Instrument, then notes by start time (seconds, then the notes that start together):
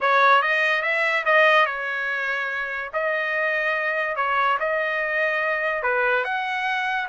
trumpet
0.00 C#5
0.42 D#5
0.82 E5
1.25 D#5
1.66 C#5
2.93 D#5
4.16 C#5
4.59 D#5
5.82 B4
6.24 F#5